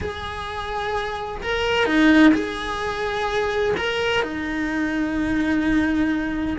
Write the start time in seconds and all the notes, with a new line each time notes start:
0.01 G#4
1.42 A#4
1.85 D#4
2.34 G#4
3.77 A#4
4.22 D#4